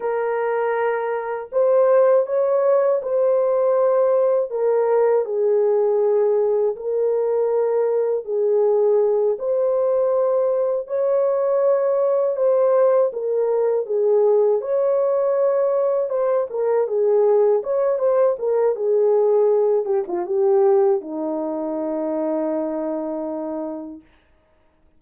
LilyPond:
\new Staff \with { instrumentName = "horn" } { \time 4/4 \tempo 4 = 80 ais'2 c''4 cis''4 | c''2 ais'4 gis'4~ | gis'4 ais'2 gis'4~ | gis'8 c''2 cis''4.~ |
cis''8 c''4 ais'4 gis'4 cis''8~ | cis''4. c''8 ais'8 gis'4 cis''8 | c''8 ais'8 gis'4. g'16 f'16 g'4 | dis'1 | }